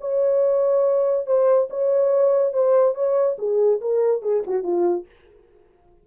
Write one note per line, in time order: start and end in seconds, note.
0.00 1.26 C#5
1.26 1.68 C5
1.70 2.53 C#5
2.53 2.94 C5
2.94 3.36 C#5
3.38 3.80 G#4
3.80 4.22 A#4
4.22 4.43 G#4
4.46 4.63 F#4
4.63 5.05 F4